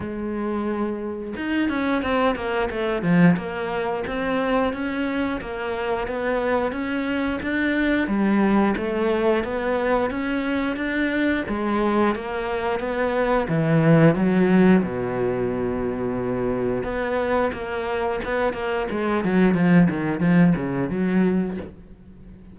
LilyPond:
\new Staff \with { instrumentName = "cello" } { \time 4/4 \tempo 4 = 89 gis2 dis'8 cis'8 c'8 ais8 | a8 f8 ais4 c'4 cis'4 | ais4 b4 cis'4 d'4 | g4 a4 b4 cis'4 |
d'4 gis4 ais4 b4 | e4 fis4 b,2~ | b,4 b4 ais4 b8 ais8 | gis8 fis8 f8 dis8 f8 cis8 fis4 | }